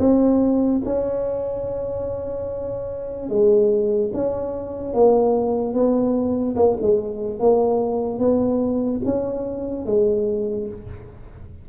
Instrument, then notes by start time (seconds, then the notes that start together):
tuba
0.00 C4
0.85 C#4
3.30 G#3
4.14 C#4
4.94 A#3
5.74 B3
6.56 A#3
6.81 G#3
7.40 A#3
8.19 B3
9.05 C#4
9.86 G#3